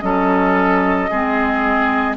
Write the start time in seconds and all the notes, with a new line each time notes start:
0.00 F#3 C#4 A4 D#5
1.10 G#3 C4 G#4